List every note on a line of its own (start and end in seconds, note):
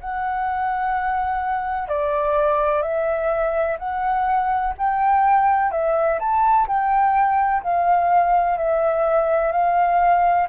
0.00 1.88 F#5
1.88 2.82 D5
2.82 3.77 E5
3.78 4.74 F#5
4.77 5.71 G5
5.71 6.19 E5
6.19 6.67 A5
6.67 7.62 G5
7.63 8.58 F5
8.58 9.52 E5
9.52 10.47 F5